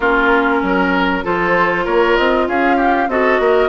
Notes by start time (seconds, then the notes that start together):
0.00 A#3 C#4 F4 A#4
0.62 F#3 A#4
1.23 F3 F4 A4 C5
1.84 A#3 A#4 C#5
2.16 C4 D#5
2.48 C#4 G#4 F5
2.77 G4
3.07 C4 F#4 A4 D#5
3.39 A#3 A#4